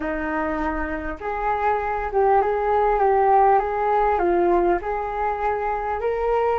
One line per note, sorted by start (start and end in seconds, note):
0.00 1.18 D#4
1.20 2.10 G#4
2.11 2.41 G4
2.41 2.99 G#4
2.99 3.59 G4
3.59 4.18 G#4
4.18 4.78 F4
4.81 6.00 G#4
6.00 6.59 A#4